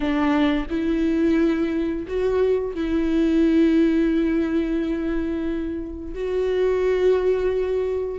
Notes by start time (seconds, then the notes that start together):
0.00 D4
0.70 E4
2.07 F#4
2.74 E4
6.14 F#4